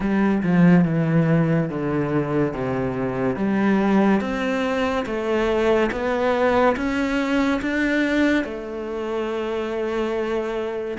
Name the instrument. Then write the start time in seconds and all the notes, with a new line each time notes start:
cello
0.00 G3
0.42 F3
0.85 E3
1.69 D3
2.53 C3
3.36 G3
4.20 C4
5.06 A3
5.91 B3
6.76 C#4
7.61 D4
8.44 A3